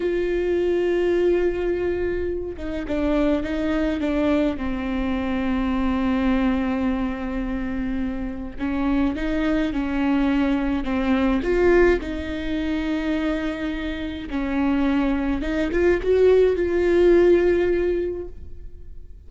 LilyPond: \new Staff \with { instrumentName = "viola" } { \time 4/4 \tempo 4 = 105 f'1~ | f'8 dis'8 d'4 dis'4 d'4 | c'1~ | c'2. cis'4 |
dis'4 cis'2 c'4 | f'4 dis'2.~ | dis'4 cis'2 dis'8 f'8 | fis'4 f'2. | }